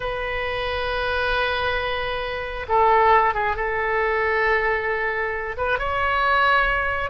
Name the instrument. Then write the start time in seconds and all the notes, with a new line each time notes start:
oboe
0.00 B4
2.68 A4
3.33 G#4
3.56 A4
5.57 B4
5.78 C#5